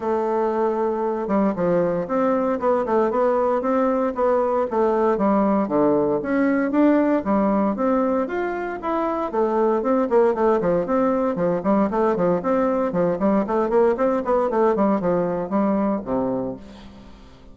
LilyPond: \new Staff \with { instrumentName = "bassoon" } { \time 4/4 \tempo 4 = 116 a2~ a8 g8 f4 | c'4 b8 a8 b4 c'4 | b4 a4 g4 d4 | cis'4 d'4 g4 c'4 |
f'4 e'4 a4 c'8 ais8 | a8 f8 c'4 f8 g8 a8 f8 | c'4 f8 g8 a8 ais8 c'8 b8 | a8 g8 f4 g4 c4 | }